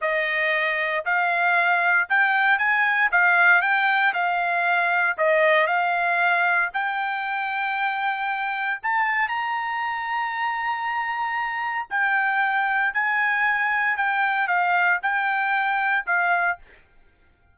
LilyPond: \new Staff \with { instrumentName = "trumpet" } { \time 4/4 \tempo 4 = 116 dis''2 f''2 | g''4 gis''4 f''4 g''4 | f''2 dis''4 f''4~ | f''4 g''2.~ |
g''4 a''4 ais''2~ | ais''2. g''4~ | g''4 gis''2 g''4 | f''4 g''2 f''4 | }